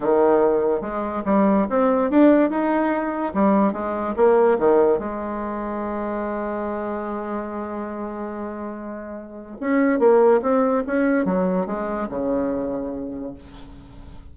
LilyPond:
\new Staff \with { instrumentName = "bassoon" } { \time 4/4 \tempo 4 = 144 dis2 gis4 g4 | c'4 d'4 dis'2 | g4 gis4 ais4 dis4 | gis1~ |
gis1~ | gis2. cis'4 | ais4 c'4 cis'4 fis4 | gis4 cis2. | }